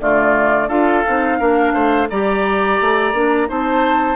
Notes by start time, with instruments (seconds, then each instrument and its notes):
0.00 bassoon D3, clarinet A3, oboe F4, flute D5
0.68 bassoon D4, clarinet F4, oboe A4, flute F5
1.07 bassoon C4, clarinet D#4
1.39 bassoon A#3, clarinet D4, oboe A#4
1.74 bassoon A3, oboe C5
2.10 bassoon G3, clarinet G4, oboe D5, flute A#5
2.81 bassoon A3
3.13 bassoon A#3, clarinet D4
3.47 bassoon C4, clarinet D#4, oboe C5, flute A5